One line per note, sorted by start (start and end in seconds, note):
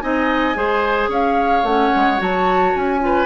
0.00 0.56 C4
0.00 0.55 D#4
0.00 0.57 D#5
0.00 1.09 G#5
0.55 1.08 G#3
0.55 1.64 G#4
0.55 1.09 C5
1.08 1.62 C#4
1.08 3.00 C#5
1.08 1.66 F5
1.63 1.90 A3
1.63 2.17 C#4
1.63 2.20 F#5
1.95 2.20 G#3
2.17 2.75 F#3
2.17 2.99 F#4
2.17 2.75 A5
2.75 3.26 C#4
2.75 3.26 G#5
3.00 3.26 F4
3.00 3.26 B4